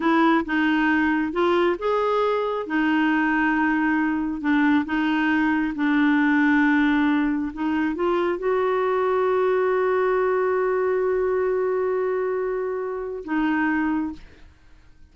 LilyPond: \new Staff \with { instrumentName = "clarinet" } { \time 4/4 \tempo 4 = 136 e'4 dis'2 f'4 | gis'2 dis'2~ | dis'2 d'4 dis'4~ | dis'4 d'2.~ |
d'4 dis'4 f'4 fis'4~ | fis'1~ | fis'1~ | fis'2 dis'2 | }